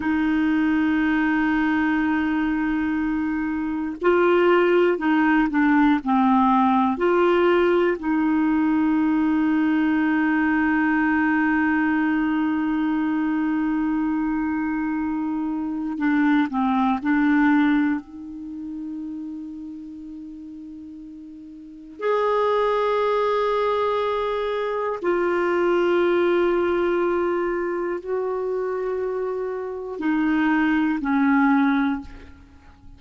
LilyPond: \new Staff \with { instrumentName = "clarinet" } { \time 4/4 \tempo 4 = 60 dis'1 | f'4 dis'8 d'8 c'4 f'4 | dis'1~ | dis'1 |
d'8 c'8 d'4 dis'2~ | dis'2 gis'2~ | gis'4 f'2. | fis'2 dis'4 cis'4 | }